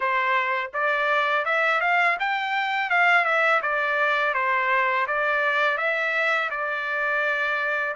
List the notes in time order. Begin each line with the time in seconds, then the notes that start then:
0.00 C5
0.73 D5
1.45 E5
1.81 F5
2.19 G5
2.90 F5
3.24 E5
3.61 D5
4.34 C5
5.07 D5
5.77 E5
6.50 D5